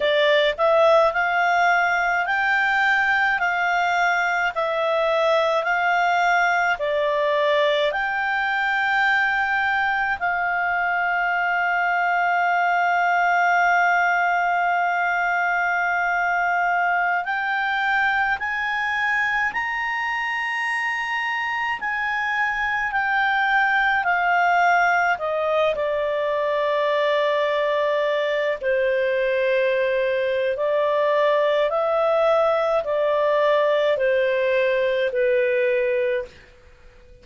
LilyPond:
\new Staff \with { instrumentName = "clarinet" } { \time 4/4 \tempo 4 = 53 d''8 e''8 f''4 g''4 f''4 | e''4 f''4 d''4 g''4~ | g''4 f''2.~ | f''2.~ f''16 g''8.~ |
g''16 gis''4 ais''2 gis''8.~ | gis''16 g''4 f''4 dis''8 d''4~ d''16~ | d''4~ d''16 c''4.~ c''16 d''4 | e''4 d''4 c''4 b'4 | }